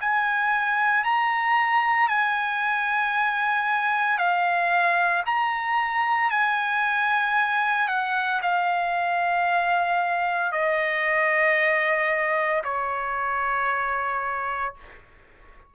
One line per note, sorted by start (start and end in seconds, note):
0.00 1.04 G#5
1.04 2.08 A#5
2.08 4.18 G#5
4.18 5.23 F5
5.26 6.31 A#5
6.31 7.88 G#5
7.88 8.41 F#5
8.42 10.52 F5
10.52 12.62 D#5
12.64 14.74 C#5